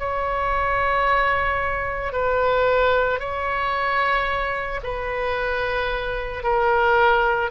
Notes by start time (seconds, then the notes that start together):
0.00 C#5
2.13 B4
3.20 C#5
4.84 B4
6.44 A#4